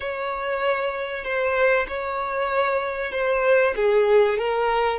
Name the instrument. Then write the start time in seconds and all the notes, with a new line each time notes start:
violin
0.00 C#5
1.24 C5
1.88 C#5
3.11 C5
3.76 G#4
4.38 A#4